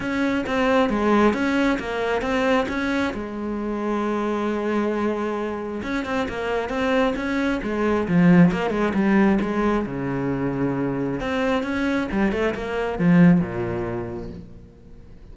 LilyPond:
\new Staff \with { instrumentName = "cello" } { \time 4/4 \tempo 4 = 134 cis'4 c'4 gis4 cis'4 | ais4 c'4 cis'4 gis4~ | gis1~ | gis4 cis'8 c'8 ais4 c'4 |
cis'4 gis4 f4 ais8 gis8 | g4 gis4 cis2~ | cis4 c'4 cis'4 g8 a8 | ais4 f4 ais,2 | }